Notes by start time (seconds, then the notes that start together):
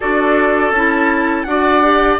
0.00 D4 F#4 A4 D5
0.70 C#4 E4 A5
1.43 D4 F#4 D5 F#5
1.82 G4